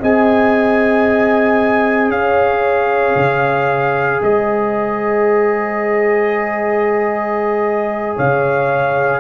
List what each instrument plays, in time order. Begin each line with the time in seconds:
0.00 tuba C4, trombone G#4, horn D#5, trumpet G#5
2.09 tuba C#4, horn C#5, trumpet F5
3.16 tuba C#3
4.22 tuba G#3, horn C5, trumpet D#5
8.15 tuba C#3, horn C#5, trumpet F5